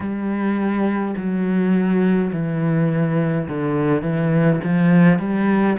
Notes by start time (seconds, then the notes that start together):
0.00 G3
1.16 F#3
2.32 E3
3.48 D3
4.01 E3
4.63 F3
5.19 G3